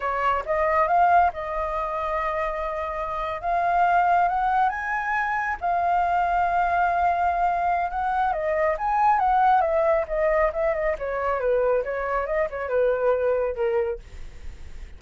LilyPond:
\new Staff \with { instrumentName = "flute" } { \time 4/4 \tempo 4 = 137 cis''4 dis''4 f''4 dis''4~ | dis''2.~ dis''8. f''16~ | f''4.~ f''16 fis''4 gis''4~ gis''16~ | gis''8. f''2.~ f''16~ |
f''2 fis''4 dis''4 | gis''4 fis''4 e''4 dis''4 | e''8 dis''8 cis''4 b'4 cis''4 | dis''8 cis''8 b'2 ais'4 | }